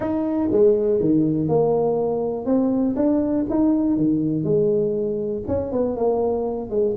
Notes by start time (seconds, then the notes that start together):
0.00 D#4
0.51 G#3
1.00 D#3
1.48 A#3
2.45 C4
2.96 D4
3.49 D#4
3.97 D#3
4.44 G#3
5.47 C#4
5.72 B3
5.96 A#3
6.69 G#3